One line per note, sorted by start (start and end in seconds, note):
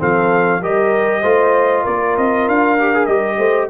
0.00 0.62 F3
0.00 0.62 C4
0.00 0.62 A4
0.00 0.64 F5
0.62 1.24 G3
0.62 1.24 G4
0.62 1.22 A#4
0.62 1.86 D#5
1.22 1.85 A3
1.22 2.79 F4
1.22 1.83 C5
1.83 2.18 A#3
1.83 3.37 A#4
1.83 2.17 D5
2.18 2.48 C4
2.18 2.49 D#5
2.49 3.08 D4
2.49 3.06 F5
2.79 2.95 G4
2.95 3.09 G#4
3.06 3.38 G3
3.06 3.70 G4
3.06 3.68 D#5
3.38 3.69 A3
3.38 3.69 C5